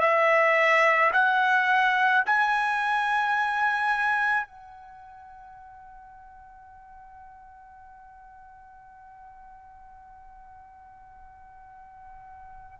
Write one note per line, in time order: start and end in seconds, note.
0.00 1.11 E5
1.13 2.24 F#5
2.26 4.47 G#5
4.47 12.79 F#5